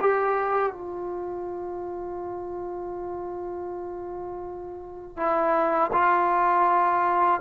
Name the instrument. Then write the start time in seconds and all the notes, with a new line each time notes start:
trombone
0.00 G4
0.72 F4
5.16 E4
5.93 F4